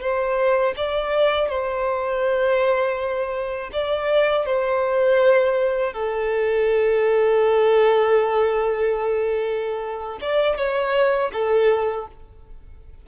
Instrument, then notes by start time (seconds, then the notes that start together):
violin
0.00 C5
0.76 D5
1.48 C5
3.72 D5
4.45 C5
5.93 A4
10.21 D5
10.57 C#5
11.32 A4